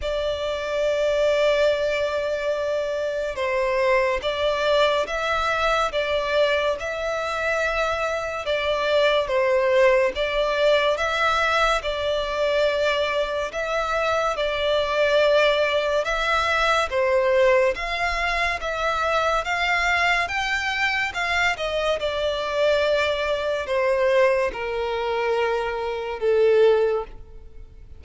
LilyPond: \new Staff \with { instrumentName = "violin" } { \time 4/4 \tempo 4 = 71 d''1 | c''4 d''4 e''4 d''4 | e''2 d''4 c''4 | d''4 e''4 d''2 |
e''4 d''2 e''4 | c''4 f''4 e''4 f''4 | g''4 f''8 dis''8 d''2 | c''4 ais'2 a'4 | }